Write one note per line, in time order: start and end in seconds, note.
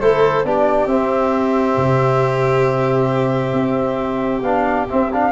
0.00 0.44 A3
0.00 0.45 E4
0.00 0.46 A4
0.00 0.44 C5
0.44 0.86 B3
0.44 0.88 D4
0.44 5.32 G4
0.44 0.87 D5
0.86 1.75 C4
0.86 4.44 C4
0.86 4.42 E5
1.77 3.53 C3
3.53 4.42 C4
4.42 4.87 B3
4.42 4.89 D4
4.42 4.87 F5
4.89 5.11 C4
4.89 5.32 C4
4.89 5.12 E5
5.12 5.32 D4
5.12 5.32 F5